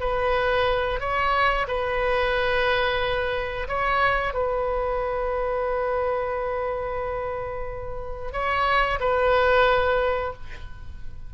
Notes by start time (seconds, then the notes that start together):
0.00 B4
1.00 C#5
1.68 B4
3.68 C#5
4.33 B4
8.32 C#5
9.00 B4